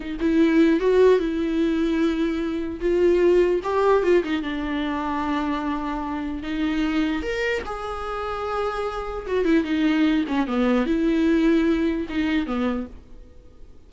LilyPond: \new Staff \with { instrumentName = "viola" } { \time 4/4 \tempo 4 = 149 dis'8 e'4. fis'4 e'4~ | e'2. f'4~ | f'4 g'4 f'8 dis'8 d'4~ | d'1 |
dis'2 ais'4 gis'4~ | gis'2. fis'8 e'8 | dis'4. cis'8 b4 e'4~ | e'2 dis'4 b4 | }